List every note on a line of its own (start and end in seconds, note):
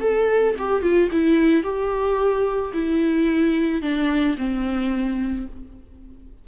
0.00 0.55 A4
0.58 0.82 G4
0.82 1.09 F4
1.12 1.63 E4
1.63 2.72 G4
2.73 3.82 E4
3.82 4.36 D4
4.37 5.46 C4